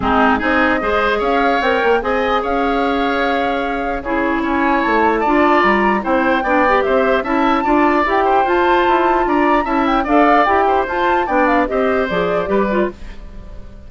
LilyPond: <<
  \new Staff \with { instrumentName = "flute" } { \time 4/4 \tempo 4 = 149 gis'4 dis''2 f''4 | g''4 gis''4 f''2~ | f''2 cis''4 gis''4 | a''2 ais''4 g''4~ |
g''4 e''4 a''2 | g''4 a''2 ais''4 | a''8 g''8 f''4 g''4 a''4 | g''8 f''8 dis''4 d''2 | }
  \new Staff \with { instrumentName = "oboe" } { \time 4/4 dis'4 gis'4 c''4 cis''4~ | cis''4 dis''4 cis''2~ | cis''2 gis'4 cis''4~ | cis''4 d''2 c''4 |
d''4 c''4 e''4 d''4~ | d''8 c''2~ c''8 d''4 | e''4 d''4. c''4. | d''4 c''2 b'4 | }
  \new Staff \with { instrumentName = "clarinet" } { \time 4/4 c'4 dis'4 gis'2 | ais'4 gis'2.~ | gis'2 e'2~ | e'4 f'2 e'4 |
d'8 g'4. e'4 f'4 | g'4 f'2. | e'4 a'4 g'4 f'4 | d'4 g'4 gis'4 g'8 f'8 | }
  \new Staff \with { instrumentName = "bassoon" } { \time 4/4 gis4 c'4 gis4 cis'4 | c'8 ais8 c'4 cis'2~ | cis'2 cis4 cis'4 | a4 d'4 g4 c'4 |
b4 c'4 cis'4 d'4 | e'4 f'4 e'4 d'4 | cis'4 d'4 e'4 f'4 | b4 c'4 f4 g4 | }
>>